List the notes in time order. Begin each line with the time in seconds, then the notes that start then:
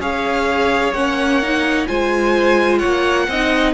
0.00 C#4 G#4 C#5 F5
0.93 A#3 C#4 F#5
1.43 D#4
1.88 G#3 F4 C5 G#5
2.79 A#3 C#5 F#5
3.28 C4 D#4 D#5